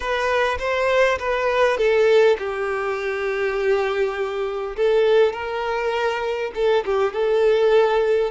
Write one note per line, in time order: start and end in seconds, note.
0.00 0.58 B4
0.58 1.18 C5
1.19 1.77 B4
1.77 2.37 A4
2.38 4.76 G4
4.76 5.32 A4
5.32 6.51 A#4
6.54 6.84 A4
6.85 7.13 G4
7.13 8.30 A4